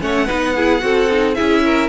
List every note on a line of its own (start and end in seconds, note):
0.00 0.29 A3
0.00 0.27 C#4
0.00 0.26 C#5
0.00 1.35 F#5
0.26 0.83 B3
0.26 0.55 D#4
0.26 0.53 B4
0.56 0.80 E4
0.56 0.83 G#4
0.80 1.37 C4
0.80 1.08 F#4
0.80 1.37 A4
1.11 1.35 D#4
1.35 1.89 C#4
1.35 1.89 E4
1.35 1.64 G#4
1.35 1.89 E5
1.64 1.89 A#4